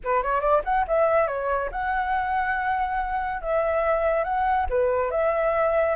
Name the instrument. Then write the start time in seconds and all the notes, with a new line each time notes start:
flute
0.04 B4
0.22 C#5
0.40 D5
0.64 F#5
0.87 E5
1.27 C#5
1.71 F#5
3.41 E5
4.23 F#5
4.69 B4
5.10 E5